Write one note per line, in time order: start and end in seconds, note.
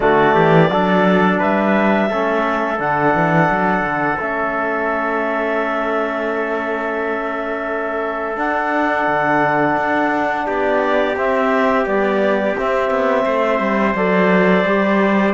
0.00 0.35 D3
0.00 0.69 A3
0.00 0.35 F#4
0.00 1.39 D5
0.35 0.69 E3
0.35 0.69 G4
0.69 1.39 F#3
0.69 2.10 D4
0.69 1.39 A4
1.39 2.10 G3
1.39 2.08 B4
1.39 2.79 E5
2.09 2.79 A3
2.09 2.77 C#4
2.09 10.46 A4
2.77 3.14 D3
2.77 4.17 D4
2.77 4.19 F#5
3.14 3.49 E3
3.50 3.82 F#3
3.82 4.16 D3
4.18 8.36 A3
4.18 8.35 C#4
4.18 8.37 E5
8.35 11.15 D4
8.35 9.06 D4
8.35 10.46 F#5
9.07 9.76 D3
9.76 10.46 D4
10.46 11.16 B3
10.46 13.25 G4
10.46 11.16 D5
11.16 11.85 C4
11.16 11.86 C4
11.16 11.86 E5
11.85 12.56 G3
11.85 12.55 B3
11.85 12.56 D5
12.57 12.90 C4
12.57 13.96 C4
12.57 13.95 E5
12.90 13.25 B3
13.25 13.59 A3
13.25 15.33 C5
13.59 13.94 G3
13.94 14.64 F#3
13.94 14.66 A4
13.94 15.33 D5
14.65 15.33 G3
14.65 15.33 G4